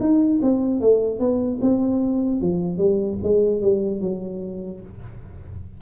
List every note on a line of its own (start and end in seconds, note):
0.00 0.40 D#4
0.42 0.81 C4
0.81 1.19 A3
1.19 1.60 B3
1.61 2.41 C4
2.41 2.78 F3
2.78 3.18 G3
3.23 3.61 G#3
3.61 4.01 G3
4.01 4.81 F#3